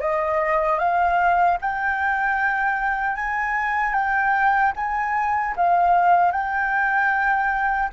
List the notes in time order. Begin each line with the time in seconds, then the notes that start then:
0.00 D#5
0.79 F5
1.61 G5
3.16 G#5
3.93 G5
4.75 G#5
5.56 F5
6.31 G5